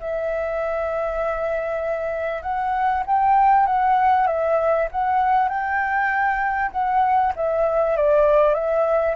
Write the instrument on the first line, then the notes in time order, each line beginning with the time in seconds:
flute
0.00 E5
2.43 F#5
3.06 G5
3.67 F#5
4.27 E5
4.92 F#5
5.49 G5
6.72 F#5
7.36 E5
7.97 D5
8.55 E5